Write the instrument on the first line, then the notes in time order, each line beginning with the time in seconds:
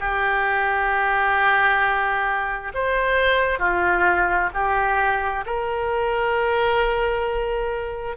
oboe
0.00 G4
2.74 C5
3.59 F4
4.54 G4
5.46 A#4